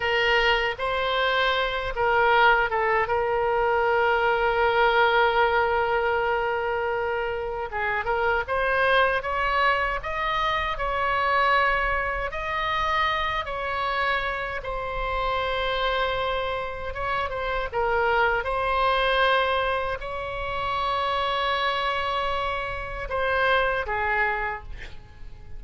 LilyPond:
\new Staff \with { instrumentName = "oboe" } { \time 4/4 \tempo 4 = 78 ais'4 c''4. ais'4 a'8 | ais'1~ | ais'2 gis'8 ais'8 c''4 | cis''4 dis''4 cis''2 |
dis''4. cis''4. c''4~ | c''2 cis''8 c''8 ais'4 | c''2 cis''2~ | cis''2 c''4 gis'4 | }